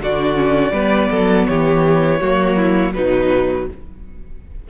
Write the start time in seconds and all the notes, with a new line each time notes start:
0.00 D3 D4 F#4 D5
0.36 C#4
0.71 G3 B3 B4
1.10 F#3 A4
1.46 E3 G4 C#5
2.20 F#3 A#3 F#4
2.56 E4
2.94 B2 F#3 D#4 B4